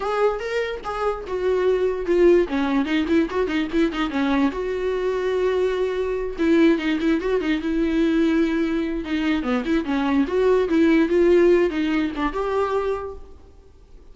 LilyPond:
\new Staff \with { instrumentName = "viola" } { \time 4/4 \tempo 4 = 146 gis'4 ais'4 gis'4 fis'4~ | fis'4 f'4 cis'4 dis'8 e'8 | fis'8 dis'8 e'8 dis'8 cis'4 fis'4~ | fis'2.~ fis'8 e'8~ |
e'8 dis'8 e'8 fis'8 dis'8 e'4.~ | e'2 dis'4 b8 e'8 | cis'4 fis'4 e'4 f'4~ | f'8 dis'4 d'8 g'2 | }